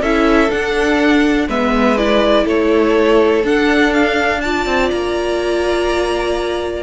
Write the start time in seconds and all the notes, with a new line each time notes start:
0.00 C#4 E4 A4 E5
0.49 D4 F#5
1.48 G#3 B3 B4 E5
1.97 E4 D5
2.45 A3 A4 C#5
3.44 D4 F#5
3.93 F5
4.41 F4 D5 A5
4.66 C4
4.90 A#3 A#5